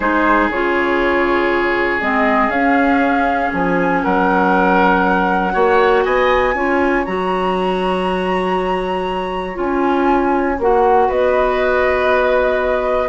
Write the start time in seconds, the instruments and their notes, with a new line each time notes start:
0.00 bassoon G#3, clarinet D#4, oboe G#4, flute C5
0.49 bassoon C#3, clarinet F4, flute C#5
2.01 bassoon G#3, clarinet C4, flute D#5
2.48 bassoon C#4, clarinet C#4, flute F5
3.53 bassoon F3, flute G#5
4.03 bassoon F#3, oboe A#4, flute F#5
5.52 bassoon A#3, clarinet F#4, oboe C#5
6.03 bassoon B3, oboe D#5, flute G#5
6.54 bassoon C#4, clarinet F4, oboe C#5
7.04 bassoon F#3, clarinet F#4, flute A#5
9.54 bassoon C#4, clarinet F4, flute G#5
10.58 bassoon A#3, clarinet F#4, flute F#5
11.07 bassoon B3, oboe B4, flute D#5